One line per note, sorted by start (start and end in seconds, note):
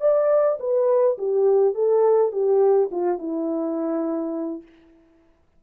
0.00 0.58 D5
0.59 1.17 B4
1.18 1.74 G4
1.74 2.32 A4
2.32 2.89 G4
2.91 3.18 F4
3.18 4.62 E4